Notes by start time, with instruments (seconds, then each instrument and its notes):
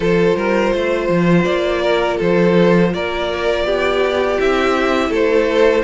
0.00 cello F3, viola F4, violin A4 C5
0.35 cello G3, violin A#4
0.73 cello A3, violin C5
1.08 cello F3
1.44 cello A#3, violin D5
1.81 violin A#4
2.17 cello F3, violin A4 C5
2.93 cello A#3, violin A#4 D5
3.64 cello B3, violin G4
4.38 cello C4, viola E4, violin E5
5.09 cello A3, violin A4 C5